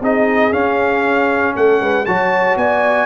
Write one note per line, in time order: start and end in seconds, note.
0.00 0.52 C4
0.00 0.52 D#4
0.00 1.54 G#4
0.00 0.53 D#5
0.52 2.06 C#4
0.52 1.55 C#4
0.52 1.55 F5
1.56 1.81 A3
1.56 1.81 A4
1.56 2.05 F#5
1.81 2.07 G#3
1.81 2.06 B4
2.05 2.56 F#3
2.05 3.06 F#4
2.05 2.59 C#5
2.05 2.57 A5
2.56 3.06 B3
2.56 3.06 D5
2.56 3.06 G#5